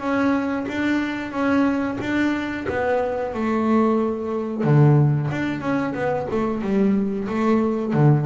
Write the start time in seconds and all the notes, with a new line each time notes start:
0.00 C#4
0.69 D4
1.32 C#4
2.01 D4
2.69 B3
3.34 A3
4.64 D3
5.31 D4
5.61 C#4
5.95 B3
6.31 A3
6.62 G3
7.29 A3
7.94 D3